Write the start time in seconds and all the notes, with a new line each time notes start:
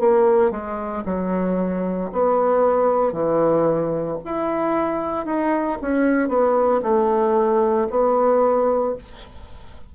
0.00 A#3
0.51 G#3
1.06 F#3
2.13 B3
3.13 E3
4.25 E4
5.26 D#4
5.82 C#4
6.29 B3
6.83 A3
7.90 B3